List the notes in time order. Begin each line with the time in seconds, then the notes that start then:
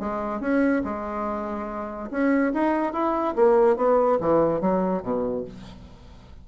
0.00 G#3
0.41 C#4
0.84 G#3
2.11 C#4
2.54 D#4
2.93 E4
3.36 A#3
3.77 B3
4.21 E3
4.61 F#3
5.03 B2